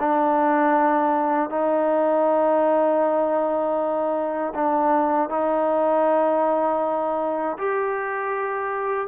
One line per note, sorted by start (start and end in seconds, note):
0.00 1.50 D4
1.50 4.54 D#4
4.55 5.30 D4
5.30 7.58 D#4
7.58 9.08 G4